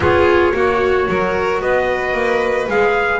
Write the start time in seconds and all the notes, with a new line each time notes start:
0.00 B3 F4 G#4 C#5
0.54 A#3 F#4
1.08 F#3 A#4
1.61 B3 B4 D#5
2.13 A#3
2.67 G#3 G#4 F5